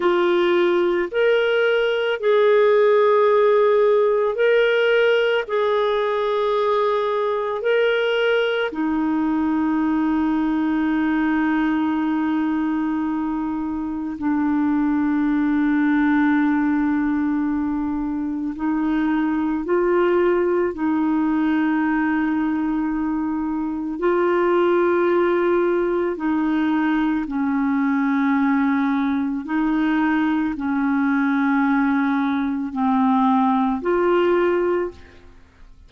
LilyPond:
\new Staff \with { instrumentName = "clarinet" } { \time 4/4 \tempo 4 = 55 f'4 ais'4 gis'2 | ais'4 gis'2 ais'4 | dis'1~ | dis'4 d'2.~ |
d'4 dis'4 f'4 dis'4~ | dis'2 f'2 | dis'4 cis'2 dis'4 | cis'2 c'4 f'4 | }